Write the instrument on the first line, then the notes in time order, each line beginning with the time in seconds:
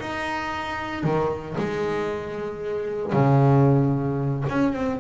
double bass
0.00 D#4
1.04 D#3
1.58 G#3
3.13 C#3
4.49 C#4
4.73 C4